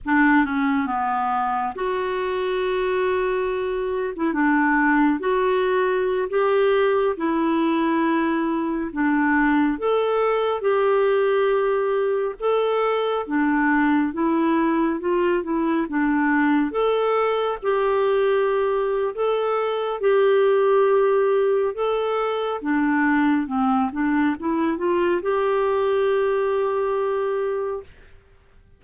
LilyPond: \new Staff \with { instrumentName = "clarinet" } { \time 4/4 \tempo 4 = 69 d'8 cis'8 b4 fis'2~ | fis'8. e'16 d'4 fis'4~ fis'16 g'8.~ | g'16 e'2 d'4 a'8.~ | a'16 g'2 a'4 d'8.~ |
d'16 e'4 f'8 e'8 d'4 a'8.~ | a'16 g'4.~ g'16 a'4 g'4~ | g'4 a'4 d'4 c'8 d'8 | e'8 f'8 g'2. | }